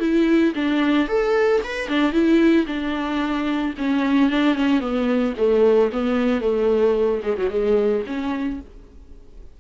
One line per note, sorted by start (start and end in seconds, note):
0.00 0.54 E4
0.56 1.08 D4
1.08 1.62 A4
1.64 1.89 B4
1.89 2.13 D4
2.13 2.66 E4
2.67 3.74 D4
3.78 4.31 C#4
4.31 4.56 D4
4.56 4.81 C#4
4.81 5.34 B3
5.38 5.91 A3
5.93 6.41 B3
6.41 7.22 A3
7.23 7.36 G#3
7.38 7.50 F#3
7.50 8.03 G#3
8.07 8.61 C#4